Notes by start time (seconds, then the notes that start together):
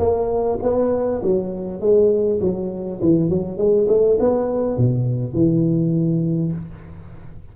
0.00 A#3
0.63 B3
1.23 F#3
1.81 G#3
2.41 F#3
3.02 E3
3.30 F#3
3.58 G#3
3.89 A3
4.20 B3
4.78 B2
5.34 E3